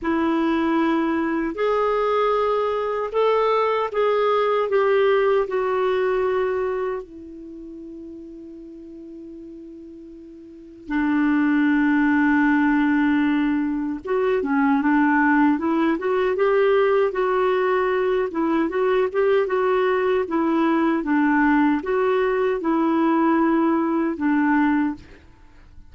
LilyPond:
\new Staff \with { instrumentName = "clarinet" } { \time 4/4 \tempo 4 = 77 e'2 gis'2 | a'4 gis'4 g'4 fis'4~ | fis'4 e'2.~ | e'2 d'2~ |
d'2 fis'8 cis'8 d'4 | e'8 fis'8 g'4 fis'4. e'8 | fis'8 g'8 fis'4 e'4 d'4 | fis'4 e'2 d'4 | }